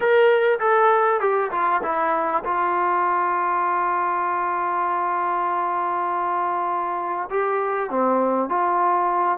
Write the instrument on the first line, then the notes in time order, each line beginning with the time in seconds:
trombone
0.00 A#4
0.59 A4
1.20 G4
1.51 F4
1.83 E4
2.44 F4
7.29 G4
7.90 C4
8.48 F4